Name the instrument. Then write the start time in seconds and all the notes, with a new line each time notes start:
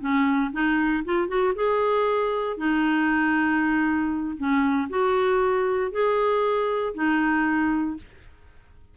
clarinet
0.00 C#4
0.52 D#4
1.05 F4
1.28 F#4
1.55 G#4
2.57 D#4
4.37 C#4
4.90 F#4
5.91 G#4
6.94 D#4